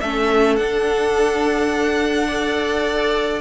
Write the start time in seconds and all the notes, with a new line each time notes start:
0.00 A3 C#4 A4 E5
0.56 D4 F#5
2.28 A4 D5